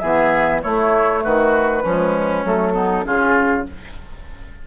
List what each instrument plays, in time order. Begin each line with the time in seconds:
0.00 bassoon E3, clarinet B3, oboe G#4, flute E5
0.62 clarinet A3, bassoon A3, oboe E4, flute C#5
1.24 bassoon D#3, oboe F#4, flute B4
1.83 bassoon F3, clarinet G#3, oboe C#4
2.44 bassoon F#3, clarinet A3, flute A4
2.73 clarinet B3, oboe D#4
3.03 bassoon C#3, clarinet C#4, oboe F4, flute G#4